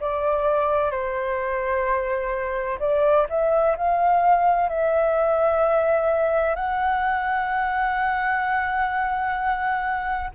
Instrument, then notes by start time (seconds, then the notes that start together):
flute
0.00 D5
0.91 C5
2.79 D5
3.29 E5
3.77 F5
4.69 E5
6.55 F#5